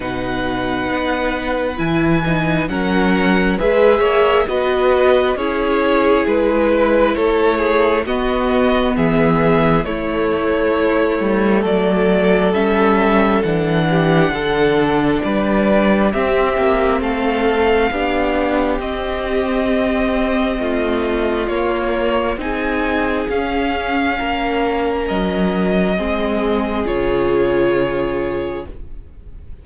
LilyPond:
<<
  \new Staff \with { instrumentName = "violin" } { \time 4/4 \tempo 4 = 67 fis''2 gis''4 fis''4 | e''4 dis''4 cis''4 b'4 | cis''4 dis''4 e''4 cis''4~ | cis''4 d''4 e''4 fis''4~ |
fis''4 d''4 e''4 f''4~ | f''4 dis''2. | cis''4 gis''4 f''2 | dis''2 cis''2 | }
  \new Staff \with { instrumentName = "violin" } { \time 4/4 b'2. ais'4 | b'8 cis''8 b'4 gis'4. b'8 | a'8 gis'8 fis'4 gis'4 e'4~ | e'4 a'2~ a'8 g'8 |
a'4 b'4 g'4 a'4 | g'2. f'4~ | f'4 gis'2 ais'4~ | ais'4 gis'2. | }
  \new Staff \with { instrumentName = "viola" } { \time 4/4 dis'2 e'8 dis'8 cis'4 | gis'4 fis'4 e'2~ | e'4 b2 a4~ | a2 cis'4 d'4~ |
d'2 c'2 | d'4 c'2. | ais4 dis'4 cis'2~ | cis'4 c'4 f'2 | }
  \new Staff \with { instrumentName = "cello" } { \time 4/4 b,4 b4 e4 fis4 | gis8 ais8 b4 cis'4 gis4 | a4 b4 e4 a4~ | a8 g8 fis4 g4 e4 |
d4 g4 c'8 ais8 a4 | b4 c'2 a4 | ais4 c'4 cis'4 ais4 | fis4 gis4 cis2 | }
>>